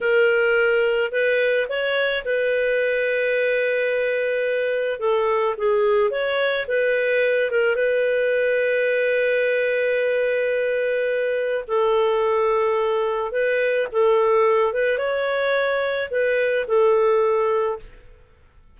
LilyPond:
\new Staff \with { instrumentName = "clarinet" } { \time 4/4 \tempo 4 = 108 ais'2 b'4 cis''4 | b'1~ | b'4 a'4 gis'4 cis''4 | b'4. ais'8 b'2~ |
b'1~ | b'4 a'2. | b'4 a'4. b'8 cis''4~ | cis''4 b'4 a'2 | }